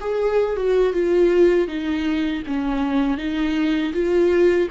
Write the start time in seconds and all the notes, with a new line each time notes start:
0.00 G#4
0.56 F#4
0.93 F4
1.67 D#4
2.47 C#4
3.17 D#4
3.93 F4